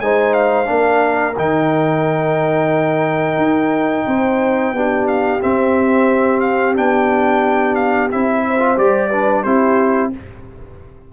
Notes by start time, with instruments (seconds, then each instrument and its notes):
0.00 tuba G#3, trombone D#4, horn C5, trumpet G#5
0.33 trumpet F5
0.65 tuba A#3, trombone D4, horn A#4
1.37 tuba D#3, trombone D#4, trumpet G5
3.37 tuba D#4
4.07 tuba C4, horn C5
4.72 tuba B3, trombone D4, horn G4
5.07 trumpet F5
5.41 trombone C4, tuba C4, trumpet E5
6.40 trumpet F5
6.76 tuba B3, trombone D4, trumpet G5
7.75 trumpet F5
8.11 tuba C4, trombone E4, trumpet E5
8.47 horn C5
8.59 trombone F4
8.77 tuba G3, trombone G4, trumpet D5
9.10 trombone D4, horn B4
9.43 tuba C4, trombone E4, horn G4, trumpet C5